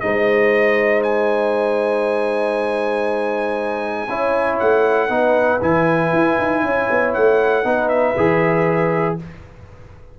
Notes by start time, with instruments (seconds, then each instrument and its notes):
0.00 tuba G#3, trombone D#4, horn C5, trumpet D#5
1.03 trumpet G#5
4.08 tuba C#4, trombone E4, horn C#5
4.59 tuba A3, trumpet F#5
5.09 tuba B3, trombone D#4, horn B4
5.62 tuba E3, trombone E4, trumpet G#5
6.13 tuba E4
6.38 tuba D#4
6.63 tuba C#4, horn C#5
6.90 tuba B3
7.14 tuba A3, trumpet F#5
7.64 tuba B3, trombone D#4, horn B4
7.88 trumpet E5
8.17 tuba E3, trombone G#4